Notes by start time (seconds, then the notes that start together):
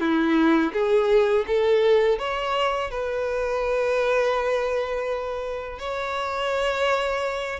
0.00 E4
0.73 G#4
1.47 A4
2.19 C#5
2.91 B4
5.79 C#5